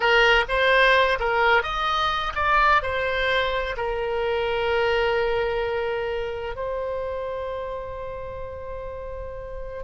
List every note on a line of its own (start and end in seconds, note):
0.00 0.45 A#4
0.48 1.18 C5
1.19 1.62 A#4
1.62 2.32 D#5
2.35 2.82 D5
2.82 3.76 C5
3.76 6.55 A#4
6.55 9.83 C5